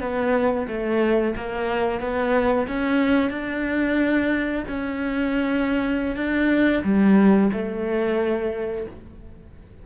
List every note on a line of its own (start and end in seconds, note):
0.00 0.67 B3
0.67 1.34 A3
1.36 2.00 A#3
2.00 2.67 B3
2.67 3.30 C#4
3.30 4.63 D4
4.68 6.16 C#4
6.16 6.82 D4
6.83 7.50 G3
7.52 8.85 A3